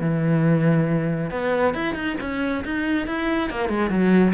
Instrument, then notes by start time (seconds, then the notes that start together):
cello
0.00 E3
1.30 B3
1.74 E4
1.94 D#4
2.20 C#4
2.64 D#4
3.07 E4
3.50 A#3
3.69 G#3
3.89 F#3